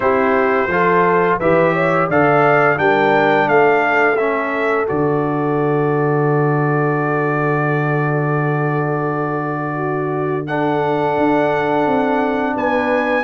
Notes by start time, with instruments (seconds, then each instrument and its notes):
0.00 tuba C4, trombone E4, horn G4, trumpet C5
0.67 tuba F3, trombone F4, horn A4
1.39 tuba E3, trombone G4, horn B4, trumpet E5
1.73 horn C#5
2.09 tuba D3, trombone A4, horn D5, trumpet F5
2.76 tuba G3, trombone D4, horn A#4, trumpet G5
3.47 tuba A3, horn A4, trumpet F5
4.16 trombone C#4, trumpet E5
4.86 tuba D3, trombone F#4, trumpet D5
9.75 horn F#4
10.46 trombone D4, horn A4, trumpet F#5
11.17 tuba D4
11.85 tuba C4
12.55 tuba B3, horn B4, trumpet G#5